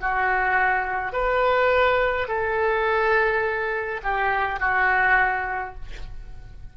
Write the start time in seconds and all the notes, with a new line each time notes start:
0.00 F#4
1.12 B4
2.28 A4
4.02 G4
4.59 F#4